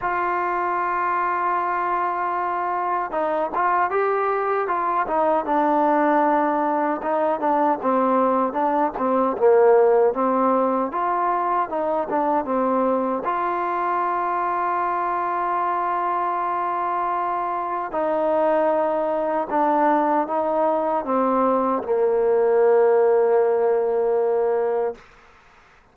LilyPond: \new Staff \with { instrumentName = "trombone" } { \time 4/4 \tempo 4 = 77 f'1 | dis'8 f'8 g'4 f'8 dis'8 d'4~ | d'4 dis'8 d'8 c'4 d'8 c'8 | ais4 c'4 f'4 dis'8 d'8 |
c'4 f'2.~ | f'2. dis'4~ | dis'4 d'4 dis'4 c'4 | ais1 | }